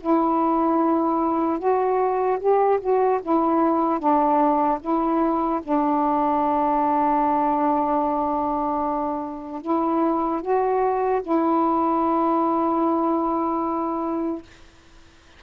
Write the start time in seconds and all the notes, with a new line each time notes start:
0.00 E4
1.59 F#4
2.39 G4
2.80 F#4
3.22 E4
3.99 D4
4.80 E4
5.63 D4
9.61 E4
10.41 F#4
11.22 E4